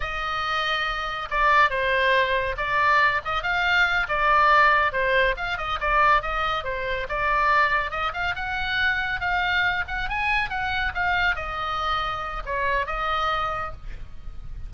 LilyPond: \new Staff \with { instrumentName = "oboe" } { \time 4/4 \tempo 4 = 140 dis''2. d''4 | c''2 d''4. dis''8 | f''4. d''2 c''8~ | c''8 f''8 dis''8 d''4 dis''4 c''8~ |
c''8 d''2 dis''8 f''8 fis''8~ | fis''4. f''4. fis''8 gis''8~ | gis''8 fis''4 f''4 dis''4.~ | dis''4 cis''4 dis''2 | }